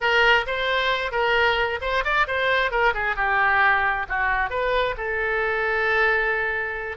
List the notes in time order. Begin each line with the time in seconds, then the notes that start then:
0.00 A#4
0.46 C5
1.11 A#4
1.81 C5
2.04 D5
2.27 C5
2.71 A#4
2.94 G#4
3.16 G4
4.08 F#4
4.50 B4
4.97 A4